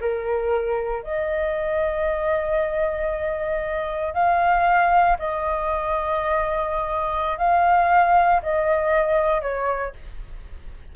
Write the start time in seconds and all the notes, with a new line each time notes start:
0.00 A#4
1.03 D#5
4.14 F5
5.19 D#5
7.38 F5
8.42 D#5
9.41 C#5